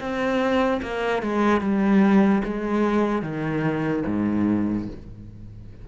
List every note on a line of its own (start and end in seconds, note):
0.00 0.81 C4
0.82 1.23 A#3
1.23 1.61 G#3
1.61 2.42 G3
2.44 3.22 G#3
3.22 4.03 D#3
4.07 4.88 G#2